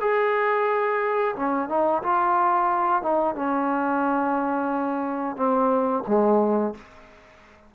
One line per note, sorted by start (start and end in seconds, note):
0.00 1.35 G#4
1.35 1.69 C#4
1.69 2.02 D#4
2.03 3.02 F4
3.02 3.35 D#4
3.35 5.36 C#4
5.36 6.03 C4
6.07 6.74 G#3